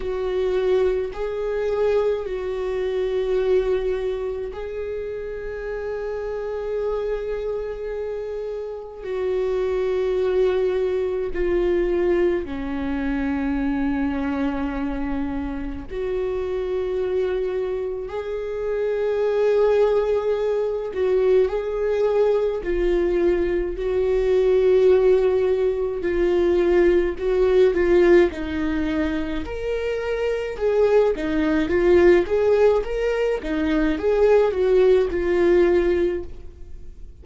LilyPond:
\new Staff \with { instrumentName = "viola" } { \time 4/4 \tempo 4 = 53 fis'4 gis'4 fis'2 | gis'1 | fis'2 f'4 cis'4~ | cis'2 fis'2 |
gis'2~ gis'8 fis'8 gis'4 | f'4 fis'2 f'4 | fis'8 f'8 dis'4 ais'4 gis'8 dis'8 | f'8 gis'8 ais'8 dis'8 gis'8 fis'8 f'4 | }